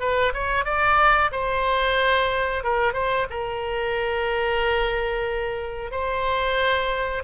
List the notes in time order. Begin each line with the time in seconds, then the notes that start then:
0.00 B4
0.34 C#5
0.65 D5
1.32 C5
2.64 A#4
2.94 C5
3.31 A#4
5.91 C5